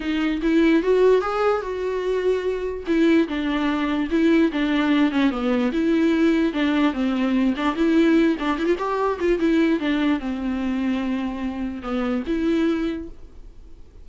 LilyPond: \new Staff \with { instrumentName = "viola" } { \time 4/4 \tempo 4 = 147 dis'4 e'4 fis'4 gis'4 | fis'2. e'4 | d'2 e'4 d'4~ | d'8 cis'8 b4 e'2 |
d'4 c'4. d'8 e'4~ | e'8 d'8 e'16 f'16 g'4 f'8 e'4 | d'4 c'2.~ | c'4 b4 e'2 | }